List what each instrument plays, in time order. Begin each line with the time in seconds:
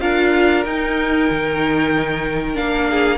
0.00 cello D4, viola F4, violin A#4 F5
0.65 cello D#4, viola D#4, violin G5
1.30 cello D#3
2.54 cello A#3, viola D4, violin F5
2.89 violin G#4